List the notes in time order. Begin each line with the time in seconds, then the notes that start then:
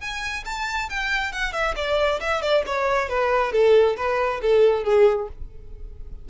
0.00 G#5
0.45 A5
0.89 G5
1.32 F#5
1.53 E5
1.76 D5
2.20 E5
2.42 D5
2.66 C#5
3.09 B4
3.52 A4
3.97 B4
4.42 A4
4.84 G#4